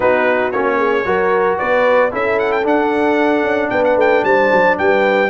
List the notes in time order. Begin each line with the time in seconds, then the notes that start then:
0.00 B3 D#4 F#4 B4
0.51 A#3 C#4 C#5
0.77 G#4
1.04 F#3 F#4 A#4
1.58 B3 B4 D5
2.11 C#4 E4 A4 E5
2.39 F#5
2.51 G5
2.62 D4 F#5
3.42 C#4
3.69 B3 B4 G5
3.84 F#5
3.96 A3 G5
4.24 G3 C5 A5
4.51 F#3
4.78 G3 B4 G5